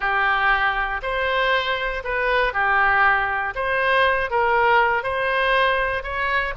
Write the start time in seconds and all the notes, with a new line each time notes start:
0.00 G4
1.02 C5
2.04 B4
2.53 G4
3.55 C5
4.30 A#4
5.03 C5
6.03 C#5